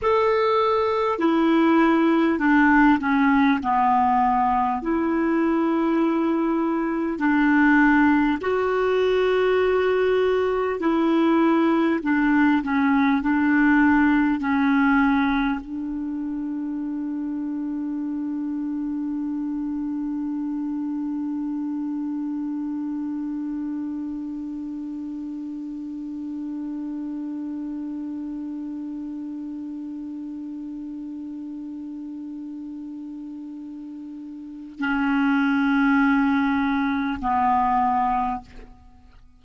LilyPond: \new Staff \with { instrumentName = "clarinet" } { \time 4/4 \tempo 4 = 50 a'4 e'4 d'8 cis'8 b4 | e'2 d'4 fis'4~ | fis'4 e'4 d'8 cis'8 d'4 | cis'4 d'2.~ |
d'1~ | d'1~ | d'1~ | d'4 cis'2 b4 | }